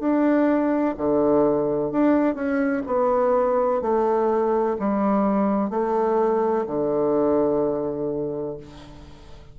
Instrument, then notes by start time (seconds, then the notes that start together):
bassoon
0.00 D4
0.97 D3
1.92 D4
2.35 C#4
2.87 B3
3.82 A3
4.80 G3
5.70 A3
6.67 D3